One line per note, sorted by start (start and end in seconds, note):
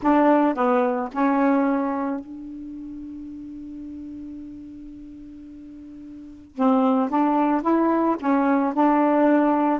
0.02 0.55 D4
0.55 1.09 B3
1.12 2.20 C#4
2.20 6.55 D4
6.55 7.09 C4
7.09 7.61 D4
7.61 8.16 E4
8.19 8.73 C#4
8.73 9.79 D4